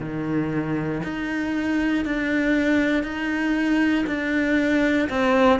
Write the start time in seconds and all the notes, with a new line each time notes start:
0.00 D#3
1.03 D#4
2.04 D4
3.03 D#4
4.06 D4
5.09 C4